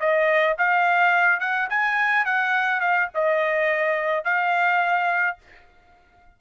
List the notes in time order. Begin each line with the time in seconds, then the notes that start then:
0.00 D#5
0.58 F5
1.40 F#5
1.70 G#5
2.25 F#5
2.80 F5
3.14 D#5
4.24 F5